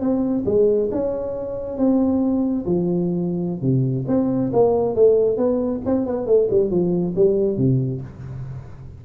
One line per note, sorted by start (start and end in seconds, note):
0.00 0.44 C4
0.45 0.89 G#3
0.91 1.77 C#4
1.77 2.65 C4
2.65 3.61 F3
3.61 4.05 C3
4.07 4.51 C4
4.52 4.95 A#3
4.95 5.37 A3
5.37 5.80 B3
5.85 6.06 C4
6.06 6.26 B3
6.26 6.48 A3
6.50 6.70 G3
6.70 7.14 F3
7.15 7.57 G3
7.57 8.01 C3